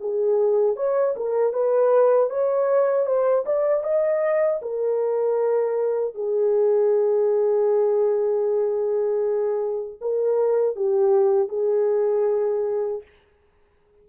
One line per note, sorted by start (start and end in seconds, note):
0.00 0.76 G#4
0.76 1.14 C#5
1.16 1.53 A#4
1.53 2.30 B4
2.30 3.06 C#5
3.06 3.44 C5
3.45 3.83 D5
3.83 4.60 D#5
4.62 6.14 A#4
6.14 9.99 G#4
10.01 10.76 A#4
10.76 11.49 G4
11.49 13.02 G#4